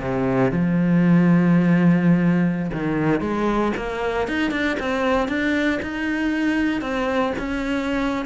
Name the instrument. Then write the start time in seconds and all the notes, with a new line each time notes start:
cello
0.00 C3
0.51 F3
2.73 D#3
3.21 G#3
3.77 A#3
4.28 D#4
4.51 D4
4.79 C4
5.28 D4
5.82 D#4
6.81 C4
7.38 C#4